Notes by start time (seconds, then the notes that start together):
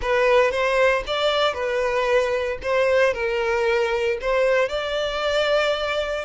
0.01 B4
0.51 C5
1.06 D5
1.53 B4
2.62 C5
3.13 A#4
4.21 C5
4.68 D5